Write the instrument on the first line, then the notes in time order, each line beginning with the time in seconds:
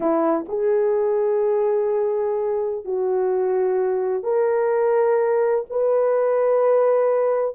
horn
0.00 E4
0.48 G#4
2.85 F#4
4.23 A#4
5.70 B4